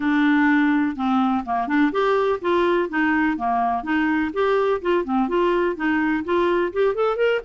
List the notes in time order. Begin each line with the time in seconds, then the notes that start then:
0.00 D4
0.96 C4
1.45 A#3
1.67 D4
1.91 G4
2.41 F4
2.89 D#4
3.37 A#3
3.83 D#4
4.33 G4
4.81 F4
5.04 C4
5.28 F4
5.76 D#4
6.24 F4
6.72 G4
6.95 A4
7.16 A#4